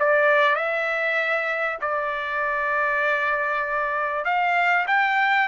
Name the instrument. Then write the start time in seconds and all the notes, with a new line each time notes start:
trumpet
0.00 D5
0.56 E5
1.82 D5
4.25 F5
4.88 G5